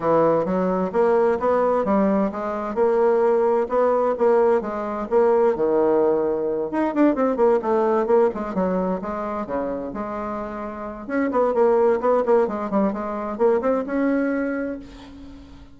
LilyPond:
\new Staff \with { instrumentName = "bassoon" } { \time 4/4 \tempo 4 = 130 e4 fis4 ais4 b4 | g4 gis4 ais2 | b4 ais4 gis4 ais4 | dis2~ dis8 dis'8 d'8 c'8 |
ais8 a4 ais8 gis8 fis4 gis8~ | gis8 cis4 gis2~ gis8 | cis'8 b8 ais4 b8 ais8 gis8 g8 | gis4 ais8 c'8 cis'2 | }